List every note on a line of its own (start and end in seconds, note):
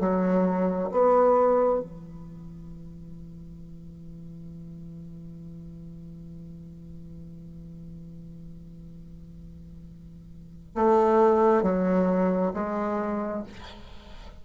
0.00 0.90 F#3
0.92 1.80 B3
1.80 10.75 E3
10.75 11.63 A3
11.63 12.53 F#3
12.54 13.43 G#3